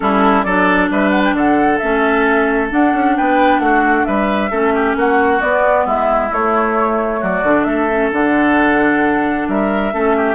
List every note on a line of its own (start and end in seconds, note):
0.00 0.45 G3
0.00 0.45 C#4
0.00 0.45 E4
0.00 0.43 A4
0.43 0.90 F#3
0.43 1.82 D4
0.43 0.90 A4
0.43 0.88 D5
0.90 1.33 G3
0.90 1.35 B4
0.90 1.10 E5
1.10 1.21 F#5
1.24 1.35 G5
1.33 1.78 D3
1.33 3.16 A4
1.33 1.78 F#5
1.78 2.72 A3
1.78 2.69 C#4
1.78 2.68 E5
2.69 4.50 D4
2.69 2.93 D4
2.69 3.16 F#5
2.93 3.16 C#4
3.16 3.59 B3
3.16 3.62 B4
3.16 3.59 G5
3.59 4.04 A3
3.59 4.06 F#4
3.59 4.04 F#5
4.04 4.50 G3
4.04 4.50 B4
4.04 4.95 E5
4.50 4.95 A3
4.50 5.40 C#4
4.50 4.73 A4
4.74 4.96 G4
4.95 5.40 A#3
4.95 5.85 F#4
4.95 5.41 F#5
5.40 6.30 B3
5.40 5.85 B3
5.40 5.86 D5
5.85 6.30 G#3
5.85 7.20 E4
5.85 6.33 E5
6.31 7.22 A3
6.31 7.44 A3
6.31 7.23 C#5
7.20 7.43 F#3
7.20 7.65 F#4
7.20 7.64 D5
7.43 7.65 D3
7.43 7.89 D4
7.64 8.10 A3
7.64 9.48 A4
7.64 8.09 E5
7.89 8.11 C#4
8.11 9.47 D3
8.11 9.92 D4
8.11 9.48 F#5
9.48 9.93 G3
9.48 9.93 A#4
9.48 10.35 E5
9.92 10.35 A3
9.92 10.35 C#4
9.92 10.16 A4
10.16 10.35 G4